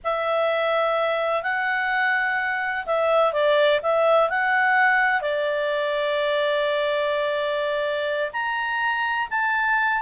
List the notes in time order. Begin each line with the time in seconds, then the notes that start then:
0.04 E5
1.42 F#5
2.86 E5
3.32 D5
3.82 E5
4.29 F#5
5.21 D5
8.32 A#5
9.30 A5